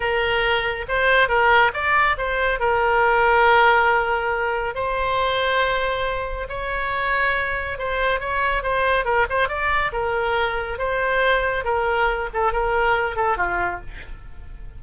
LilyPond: \new Staff \with { instrumentName = "oboe" } { \time 4/4 \tempo 4 = 139 ais'2 c''4 ais'4 | d''4 c''4 ais'2~ | ais'2. c''4~ | c''2. cis''4~ |
cis''2 c''4 cis''4 | c''4 ais'8 c''8 d''4 ais'4~ | ais'4 c''2 ais'4~ | ais'8 a'8 ais'4. a'8 f'4 | }